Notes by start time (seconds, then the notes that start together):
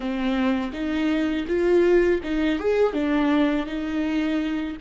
0.00 C4
0.73 D#4
1.47 F4
2.23 D#4
2.59 G#4
2.93 D4
3.66 D#4